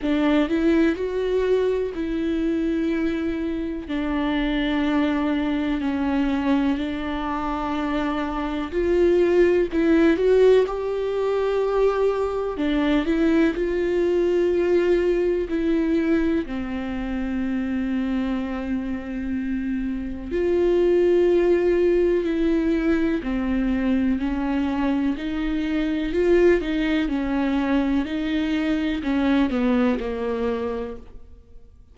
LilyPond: \new Staff \with { instrumentName = "viola" } { \time 4/4 \tempo 4 = 62 d'8 e'8 fis'4 e'2 | d'2 cis'4 d'4~ | d'4 f'4 e'8 fis'8 g'4~ | g'4 d'8 e'8 f'2 |
e'4 c'2.~ | c'4 f'2 e'4 | c'4 cis'4 dis'4 f'8 dis'8 | cis'4 dis'4 cis'8 b8 ais4 | }